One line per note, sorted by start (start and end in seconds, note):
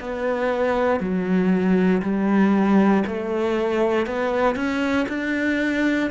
0.00 1.00 B3
1.00 2.02 F#3
2.02 3.04 G3
3.06 4.06 A3
4.06 4.55 B3
4.55 5.06 C#4
5.08 6.10 D4